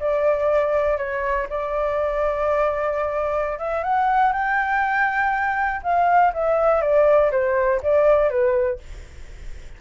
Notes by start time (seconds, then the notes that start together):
0.00 D5
0.98 C#5
1.50 D5
3.59 E5
3.84 F#5
4.33 G5
5.83 F5
6.34 E5
6.82 D5
7.32 C5
7.83 D5
8.30 B4